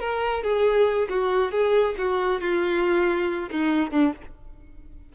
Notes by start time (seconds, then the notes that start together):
0.00 A#4
0.44 G#4
1.10 F#4
1.52 G#4
1.98 F#4
2.41 F4
3.51 D#4
3.91 D4